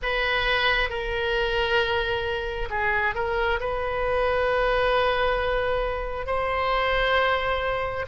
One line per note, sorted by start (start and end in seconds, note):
0.02 0.89 B4
0.89 2.68 A#4
2.70 3.15 G#4
3.15 3.59 A#4
3.59 6.26 B4
6.26 8.05 C5